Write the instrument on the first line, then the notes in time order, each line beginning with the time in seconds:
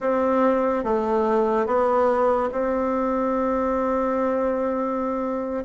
bassoon
0.00 C4
0.84 A3
1.66 B3
2.52 C4